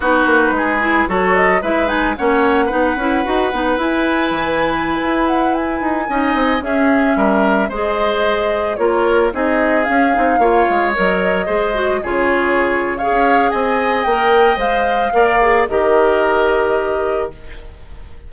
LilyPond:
<<
  \new Staff \with { instrumentName = "flute" } { \time 4/4 \tempo 4 = 111 b'2 cis''8 dis''8 e''8 gis''8 | fis''2. gis''4~ | gis''4.~ gis''16 fis''8 gis''4.~ gis''16~ | gis''16 e''2 dis''4.~ dis''16~ |
dis''16 cis''4 dis''4 f''4.~ f''16~ | f''16 dis''2 cis''4.~ cis''16 | f''4 gis''4 g''4 f''4~ | f''4 dis''2. | }
  \new Staff \with { instrumentName = "oboe" } { \time 4/4 fis'4 gis'4 a'4 b'4 | cis''4 b'2.~ | b'2.~ b'16 dis''8.~ | dis''16 gis'4 ais'4 c''4.~ c''16~ |
c''16 ais'4 gis'2 cis''8.~ | cis''4~ cis''16 c''4 gis'4.~ gis'16 | cis''4 dis''2. | d''4 ais'2. | }
  \new Staff \with { instrumentName = "clarinet" } { \time 4/4 dis'4. e'8 fis'4 e'8 dis'8 | cis'4 dis'8 e'8 fis'8 dis'8 e'4~ | e'2.~ e'16 dis'8.~ | dis'16 cis'2 gis'4.~ gis'16~ |
gis'16 f'4 dis'4 cis'8 dis'8 f'8.~ | f'16 ais'4 gis'8 fis'8 f'4.~ f'16 | gis'2 ais'4 c''4 | ais'8 gis'8 g'2. | }
  \new Staff \with { instrumentName = "bassoon" } { \time 4/4 b8 ais8 gis4 fis4 gis4 | ais4 b8 cis'8 dis'8 b8 e'4 | e4~ e16 e'4. dis'8 cis'8 c'16~ | c'16 cis'4 g4 gis4.~ gis16~ |
gis16 ais4 c'4 cis'8 c'8 ais8 gis16~ | gis16 fis4 gis4 cis4.~ cis16~ | cis16 cis'8. c'4 ais4 gis4 | ais4 dis2. | }
>>